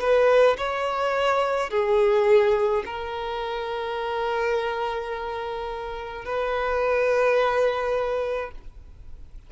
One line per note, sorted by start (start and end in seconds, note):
0.00 0.57 B4
0.58 1.70 C#5
1.70 2.84 G#4
2.86 6.25 A#4
6.25 8.51 B4